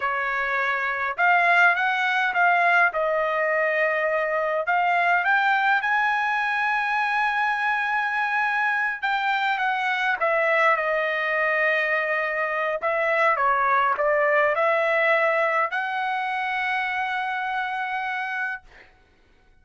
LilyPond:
\new Staff \with { instrumentName = "trumpet" } { \time 4/4 \tempo 4 = 103 cis''2 f''4 fis''4 | f''4 dis''2. | f''4 g''4 gis''2~ | gis''2.~ gis''8 g''8~ |
g''8 fis''4 e''4 dis''4.~ | dis''2 e''4 cis''4 | d''4 e''2 fis''4~ | fis''1 | }